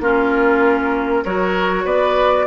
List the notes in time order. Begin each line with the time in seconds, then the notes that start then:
0.00 A#3 C#4 F4 A#4
1.25 F#3 F#4 A#4 C#5
1.85 B3 B4 D5